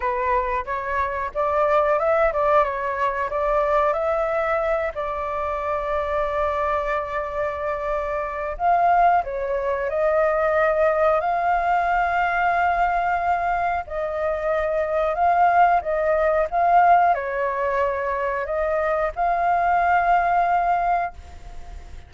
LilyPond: \new Staff \with { instrumentName = "flute" } { \time 4/4 \tempo 4 = 91 b'4 cis''4 d''4 e''8 d''8 | cis''4 d''4 e''4. d''8~ | d''1~ | d''4 f''4 cis''4 dis''4~ |
dis''4 f''2.~ | f''4 dis''2 f''4 | dis''4 f''4 cis''2 | dis''4 f''2. | }